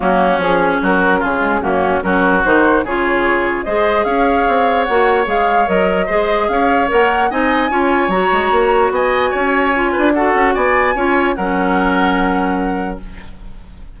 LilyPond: <<
  \new Staff \with { instrumentName = "flute" } { \time 4/4 \tempo 4 = 148 fis'4 gis'4 ais'4 gis'4 | fis'4 ais'4 c''4 cis''4~ | cis''4 dis''4 f''2 | fis''4 f''4 dis''2 |
f''4 fis''4 gis''2 | ais''2 gis''2~ | gis''4 fis''4 gis''2 | fis''1 | }
  \new Staff \with { instrumentName = "oboe" } { \time 4/4 cis'2 fis'4 f'4 | cis'4 fis'2 gis'4~ | gis'4 c''4 cis''2~ | cis''2. c''4 |
cis''2 dis''4 cis''4~ | cis''2 dis''4 cis''4~ | cis''8 b'8 a'4 d''4 cis''4 | ais'1 | }
  \new Staff \with { instrumentName = "clarinet" } { \time 4/4 ais4 cis'2~ cis'8 gis8 | ais4 cis'4 dis'4 f'4~ | f'4 gis'2. | fis'4 gis'4 ais'4 gis'4~ |
gis'4 ais'4 dis'4 f'4 | fis'1 | f'4 fis'2 f'4 | cis'1 | }
  \new Staff \with { instrumentName = "bassoon" } { \time 4/4 fis4 f4 fis4 cis4 | fis,4 fis4 dis4 cis4~ | cis4 gis4 cis'4 c'4 | ais4 gis4 fis4 gis4 |
cis'4 ais4 c'4 cis'4 | fis8 gis8 ais4 b4 cis'4~ | cis'8 d'4 cis'8 b4 cis'4 | fis1 | }
>>